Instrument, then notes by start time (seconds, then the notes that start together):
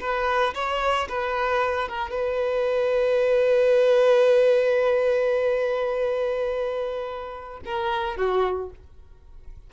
violin
0.00 B4
0.54 C#5
1.08 B4
1.88 A#4
2.10 B4
7.65 A#4
8.16 F#4